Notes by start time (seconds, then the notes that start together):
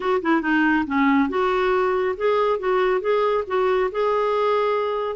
0.00 F#4
0.22 E4
0.41 D#4
0.86 C#4
1.29 F#4
2.16 G#4
2.59 F#4
3.00 G#4
3.47 F#4
3.91 G#4